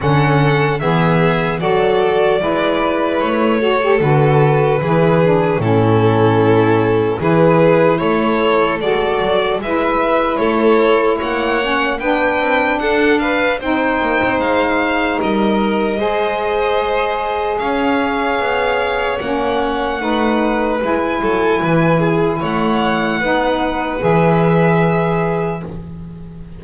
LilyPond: <<
  \new Staff \with { instrumentName = "violin" } { \time 4/4 \tempo 4 = 75 fis''4 e''4 d''2 | cis''4 b'2 a'4~ | a'4 b'4 cis''4 d''4 | e''4 cis''4 fis''4 g''4 |
fis''8 f''8 g''4 f''4 dis''4~ | dis''2 f''2 | fis''2 gis''2 | fis''2 e''2 | }
  \new Staff \with { instrumentName = "violin" } { \time 4/4 a'4 gis'4 a'4 b'4~ | b'8 a'4. gis'4 e'4~ | e'4 gis'4 a'2 | b'4 a'4 cis''4 b'4 |
a'8 b'8 c''2 ais'4 | c''2 cis''2~ | cis''4 b'4. a'8 b'8 gis'8 | cis''4 b'2. | }
  \new Staff \with { instrumentName = "saxophone" } { \time 4/4 cis'4 b4 fis'4 e'4~ | e'8 fis'16 g'16 fis'4 e'8 d'8 cis'4~ | cis'4 e'2 fis'4 | e'2~ e'8 cis'8 d'4~ |
d'4 dis'2. | gis'1 | cis'4 dis'4 e'2~ | e'4 dis'4 gis'2 | }
  \new Staff \with { instrumentName = "double bass" } { \time 4/4 d4 e4 fis4 gis4 | a4 d4 e4 a,4~ | a,4 e4 a4 gis8 fis8 | gis4 a4 ais4 b8 c'8 |
d'4 c'8 ais16 c'16 gis4 g4 | gis2 cis'4 b4 | ais4 a4 gis8 fis8 e4 | a4 b4 e2 | }
>>